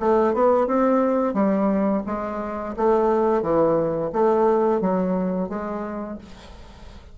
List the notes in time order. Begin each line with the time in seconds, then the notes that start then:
0.00 A3
0.34 B3
0.67 C4
1.34 G3
2.07 G#3
2.77 A3
3.42 E3
4.13 A3
4.81 F#3
5.50 G#3